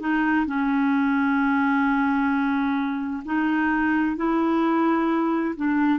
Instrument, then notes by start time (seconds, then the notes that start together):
clarinet
0.00 D#4
0.47 C#4
3.25 D#4
4.16 E4
5.56 D4